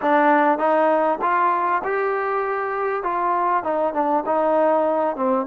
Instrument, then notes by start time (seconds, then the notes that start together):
trombone
0.01 D4
0.58 D#4
1.21 F4
1.83 G4
3.03 F4
3.63 D#4
3.93 D4
4.26 D#4
5.16 C4